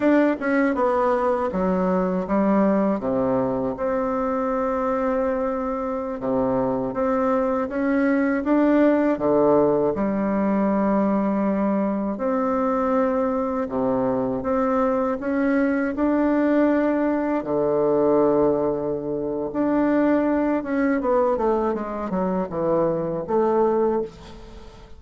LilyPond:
\new Staff \with { instrumentName = "bassoon" } { \time 4/4 \tempo 4 = 80 d'8 cis'8 b4 fis4 g4 | c4 c'2.~ | c'16 c4 c'4 cis'4 d'8.~ | d'16 d4 g2~ g8.~ |
g16 c'2 c4 c'8.~ | c'16 cis'4 d'2 d8.~ | d2 d'4. cis'8 | b8 a8 gis8 fis8 e4 a4 | }